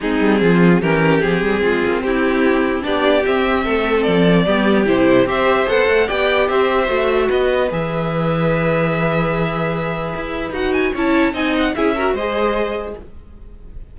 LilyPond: <<
  \new Staff \with { instrumentName = "violin" } { \time 4/4 \tempo 4 = 148 gis'2 ais'4 gis'4~ | gis'4 g'2 d''4 | e''2 d''2 | c''4 e''4 fis''4 g''4 |
e''2 dis''4 e''4~ | e''1~ | e''2 fis''8 gis''8 a''4 | gis''8 fis''8 e''4 dis''2 | }
  \new Staff \with { instrumentName = "violin" } { \time 4/4 dis'4 f'4 g'2 | f'4 e'2 g'4~ | g'4 a'2 g'4~ | g'4 c''2 d''4 |
c''2 b'2~ | b'1~ | b'2. cis''4 | dis''4 gis'8 ais'8 c''2 | }
  \new Staff \with { instrumentName = "viola" } { \time 4/4 c'2 cis'4 c'4~ | c'2. d'4 | c'2. b4 | e'4 g'4 a'4 g'4~ |
g'4 fis'2 gis'4~ | gis'1~ | gis'2 fis'4 e'4 | dis'4 e'8 fis'8 gis'2 | }
  \new Staff \with { instrumentName = "cello" } { \time 4/4 gis8 g8 f4 e4 f8 g8 | gis8 ais8 c'2 b4 | c'4 a4 f4 g4 | c4 c'4 b8 a8 b4 |
c'4 a4 b4 e4~ | e1~ | e4 e'4 dis'4 cis'4 | c'4 cis'4 gis2 | }
>>